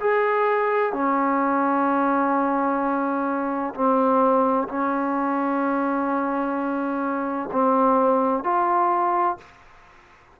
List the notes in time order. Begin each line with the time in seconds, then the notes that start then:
0.00 G#4
0.92 C#4
3.74 C4
4.68 C#4
7.52 C4
8.44 F4